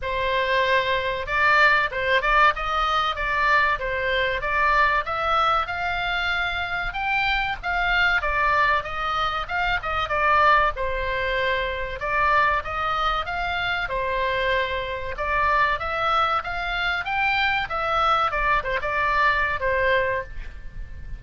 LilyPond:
\new Staff \with { instrumentName = "oboe" } { \time 4/4 \tempo 4 = 95 c''2 d''4 c''8 d''8 | dis''4 d''4 c''4 d''4 | e''4 f''2 g''4 | f''4 d''4 dis''4 f''8 dis''8 |
d''4 c''2 d''4 | dis''4 f''4 c''2 | d''4 e''4 f''4 g''4 | e''4 d''8 c''16 d''4~ d''16 c''4 | }